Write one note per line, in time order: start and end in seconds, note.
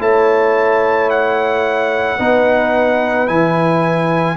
0.00 2.18 A3
0.00 2.18 E4
0.00 2.18 C#5
0.00 1.10 A5
1.10 3.28 F#5
2.18 3.29 B3
2.18 3.27 D#4
2.18 4.37 B4
3.27 4.37 E3
3.27 4.37 E4
3.27 4.37 G#5